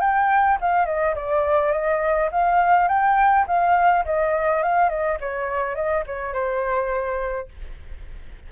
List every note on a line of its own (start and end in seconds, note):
0.00 0.58 G5
0.60 0.85 F5
0.85 1.14 D#5
1.15 1.72 D5
1.72 2.29 D#5
2.31 2.88 F5
2.88 3.45 G5
3.47 4.04 F5
4.05 4.62 D#5
4.62 4.89 F5
4.89 5.18 D#5
5.20 5.75 C#5
5.75 6.04 D#5
6.06 6.33 C#5
6.33 7.48 C5